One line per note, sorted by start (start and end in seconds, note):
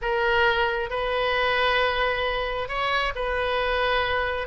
0.01 0.90 A#4
0.90 2.68 B4
2.68 3.13 C#5
3.15 4.47 B4